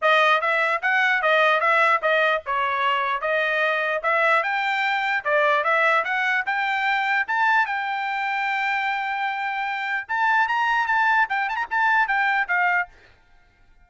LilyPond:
\new Staff \with { instrumentName = "trumpet" } { \time 4/4 \tempo 4 = 149 dis''4 e''4 fis''4 dis''4 | e''4 dis''4 cis''2 | dis''2 e''4 g''4~ | g''4 d''4 e''4 fis''4 |
g''2 a''4 g''4~ | g''1~ | g''4 a''4 ais''4 a''4 | g''8 a''16 ais''16 a''4 g''4 f''4 | }